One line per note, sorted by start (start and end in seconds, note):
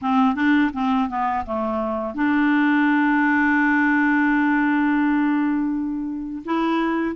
0.01 0.35 C4
0.35 0.71 D4
0.73 1.09 C4
1.09 1.44 B3
1.45 2.14 A3
2.14 6.43 D4
6.44 7.16 E4